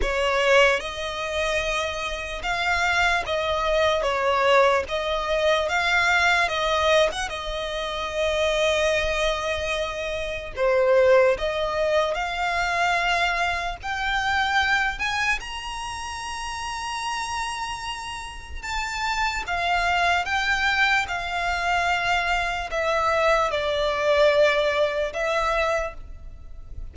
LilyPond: \new Staff \with { instrumentName = "violin" } { \time 4/4 \tempo 4 = 74 cis''4 dis''2 f''4 | dis''4 cis''4 dis''4 f''4 | dis''8. fis''16 dis''2.~ | dis''4 c''4 dis''4 f''4~ |
f''4 g''4. gis''8 ais''4~ | ais''2. a''4 | f''4 g''4 f''2 | e''4 d''2 e''4 | }